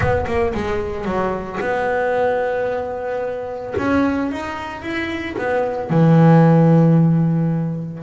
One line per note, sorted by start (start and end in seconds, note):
0.00 0.25 B3
0.27 0.53 A#3
0.54 1.04 G#3
1.04 1.58 F#3
1.60 3.74 B3
3.78 4.31 C#4
4.31 4.82 D#4
4.82 5.35 E4
5.37 5.90 B3
5.90 8.03 E3